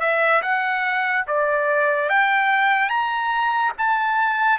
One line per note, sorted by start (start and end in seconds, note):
0.00 0.42 E5
0.42 1.25 F#5
1.27 2.09 D5
2.09 2.89 G5
2.89 3.72 A#5
3.78 4.59 A5